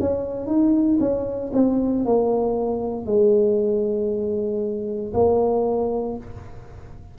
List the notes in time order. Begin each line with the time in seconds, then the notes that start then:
0.00 C#4
0.46 D#4
1.00 C#4
1.53 C4
2.05 A#3
3.06 G#3
5.13 A#3